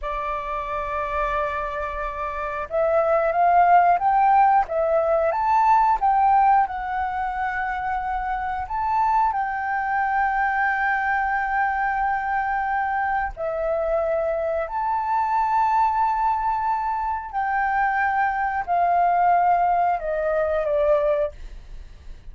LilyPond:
\new Staff \with { instrumentName = "flute" } { \time 4/4 \tempo 4 = 90 d''1 | e''4 f''4 g''4 e''4 | a''4 g''4 fis''2~ | fis''4 a''4 g''2~ |
g''1 | e''2 a''2~ | a''2 g''2 | f''2 dis''4 d''4 | }